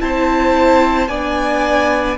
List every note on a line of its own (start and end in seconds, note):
0.00 1.09 C4
0.00 1.09 E4
0.00 1.09 C5
0.00 1.08 A5
1.08 2.18 B3
1.08 2.18 D4
1.08 2.18 D5
1.08 2.17 G#5